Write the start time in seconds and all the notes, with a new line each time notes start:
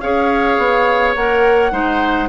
0.00 C#4 G#4 C#5 F5
0.57 B3
1.15 A#3 A#4 F#5
1.71 G#3 D#4 C5